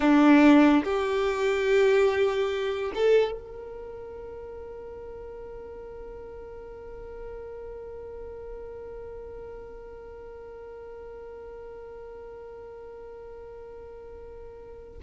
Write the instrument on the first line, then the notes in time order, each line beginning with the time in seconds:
violin
0.00 D4
0.84 G4
2.94 A4
3.31 A#4